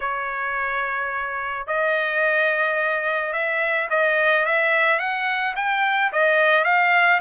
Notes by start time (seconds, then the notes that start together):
0.00 C#5
1.66 D#5
3.32 E5
3.90 D#5
4.45 E5
4.98 F#5
5.56 G5
6.12 D#5
6.64 F5